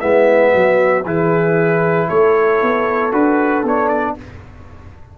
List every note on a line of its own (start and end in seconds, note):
0.00 0.54 G#3
0.00 1.04 B3
0.00 0.52 E4
0.00 1.04 E5
0.53 1.05 F#3
0.53 1.05 F#4
1.05 2.09 E3
1.05 3.12 E4
1.05 2.08 G#4
1.05 2.09 B4
2.08 2.62 A3
2.08 4.15 A4
2.08 3.12 C#5
2.62 3.12 B3
3.12 3.64 D4
3.12 3.63 F#4
3.12 3.65 B4
3.64 4.15 B3
3.64 4.18 D4
3.64 3.88 C#5
3.88 4.14 D5